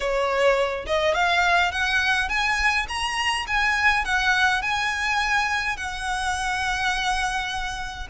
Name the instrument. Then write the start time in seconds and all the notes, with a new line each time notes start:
violin
0.00 C#5
0.86 D#5
1.14 F5
1.71 F#5
2.28 G#5
2.88 A#5
3.47 G#5
4.04 F#5
4.62 G#5
5.76 F#5